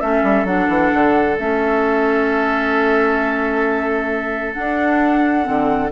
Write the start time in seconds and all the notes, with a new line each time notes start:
0.00 A3 C#4 A4 E5
0.23 G3
0.44 F#3 D4 F#5
0.68 E3
0.93 D3
1.38 A3 C#4 E5
4.53 D4 F#5
5.43 D3 C4